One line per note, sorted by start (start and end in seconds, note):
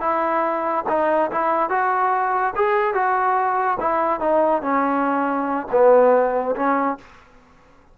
0.00 0.84 E4
0.88 1.30 D#4
1.31 1.69 E4
1.69 2.53 F#4
2.55 2.94 G#4
2.94 3.77 F#4
3.80 4.20 E4
4.20 4.62 D#4
4.62 5.67 C#4
5.71 6.55 B3
6.55 6.97 C#4